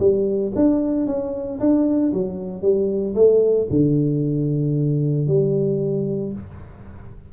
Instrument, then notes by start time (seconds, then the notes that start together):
tuba
0.00 G3
0.56 D4
1.07 C#4
1.60 D4
2.14 F#3
2.62 G3
3.15 A3
3.71 D3
5.28 G3